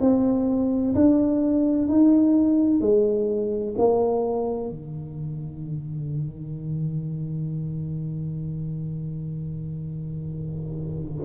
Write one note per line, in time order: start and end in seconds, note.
0.00 0.94 C4
0.95 1.87 D4
1.87 2.80 D#4
2.80 3.74 G#3
3.78 4.69 A#3
4.69 11.24 D#3